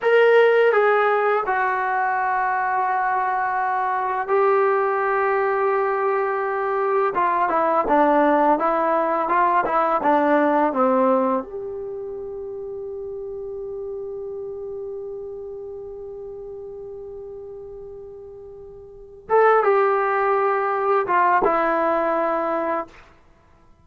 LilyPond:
\new Staff \with { instrumentName = "trombone" } { \time 4/4 \tempo 4 = 84 ais'4 gis'4 fis'2~ | fis'2 g'2~ | g'2 f'8 e'8 d'4 | e'4 f'8 e'8 d'4 c'4 |
g'1~ | g'1~ | g'2. a'8 g'8~ | g'4. f'8 e'2 | }